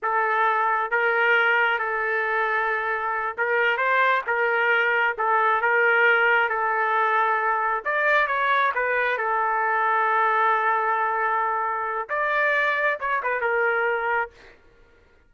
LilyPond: \new Staff \with { instrumentName = "trumpet" } { \time 4/4 \tempo 4 = 134 a'2 ais'2 | a'2.~ a'8 ais'8~ | ais'8 c''4 ais'2 a'8~ | a'8 ais'2 a'4.~ |
a'4. d''4 cis''4 b'8~ | b'8 a'2.~ a'8~ | a'2. d''4~ | d''4 cis''8 b'8 ais'2 | }